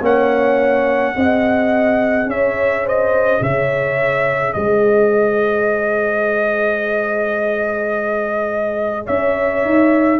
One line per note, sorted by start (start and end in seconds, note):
0.00 1.13 A#3
0.00 1.15 C#4
0.00 1.15 C#5
0.00 2.30 F#5
1.15 2.26 C4
1.15 10.19 G#4
1.15 2.29 D#5
2.26 3.39 C#4
2.26 2.84 C#5
2.26 2.87 E5
2.84 3.41 C5
2.84 3.43 D#5
3.41 4.54 C#3
3.41 4.54 C#5
3.41 4.53 E5
4.53 9.08 G#3
4.53 9.05 C5
4.53 9.06 D#5
9.05 9.65 C#4
9.05 10.18 C#5
9.05 10.19 E5
9.65 10.19 D#4